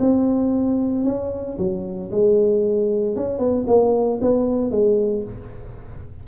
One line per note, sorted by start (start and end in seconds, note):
0.00 1.05 C4
1.05 1.57 C#4
1.58 2.11 F#3
2.11 3.16 G#3
3.16 3.39 C#4
3.39 3.65 B3
3.67 4.20 A#3
4.22 4.71 B3
4.71 5.24 G#3